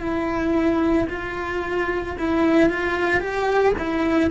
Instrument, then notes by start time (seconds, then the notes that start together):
cello
0.00 E4
1.09 F4
2.18 E4
2.69 F4
3.20 G4
3.78 E4